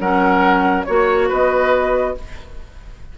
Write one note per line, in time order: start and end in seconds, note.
0.00 0.85 F#3
0.00 0.86 C#4
0.00 0.86 A#4
0.00 0.84 F#5
0.84 1.31 A#3
0.84 2.15 F#4
0.84 1.26 C#5
0.84 1.29 C#5
1.29 2.16 B3
1.29 2.14 B4
1.29 2.18 D#5